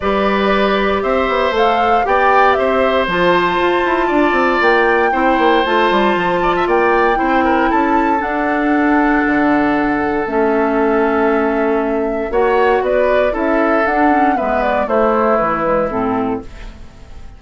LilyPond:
<<
  \new Staff \with { instrumentName = "flute" } { \time 4/4 \tempo 4 = 117 d''2 e''4 f''4 | g''4 e''4 a''2~ | a''4 g''2 a''4~ | a''4 g''2 a''4 |
fis''1 | e''1 | fis''4 d''4 e''4 fis''4 | e''8 d''8 c''4 b'4 a'4 | }
  \new Staff \with { instrumentName = "oboe" } { \time 4/4 b'2 c''2 | d''4 c''2. | d''2 c''2~ | c''8 d''16 e''16 d''4 c''8 ais'8 a'4~ |
a'1~ | a'1 | cis''4 b'4 a'2 | b'4 e'2. | }
  \new Staff \with { instrumentName = "clarinet" } { \time 4/4 g'2. a'4 | g'2 f'2~ | f'2 e'4 f'4~ | f'2 e'2 |
d'1 | cis'1 | fis'2 e'4 d'8 cis'8 | b4 a4. gis8 c'4 | }
  \new Staff \with { instrumentName = "bassoon" } { \time 4/4 g2 c'8 b8 a4 | b4 c'4 f4 f'8 e'8 | d'8 c'8 ais4 c'8 ais8 a8 g8 | f4 ais4 c'4 cis'4 |
d'2 d2 | a1 | ais4 b4 cis'4 d'4 | gis4 a4 e4 a,4 | }
>>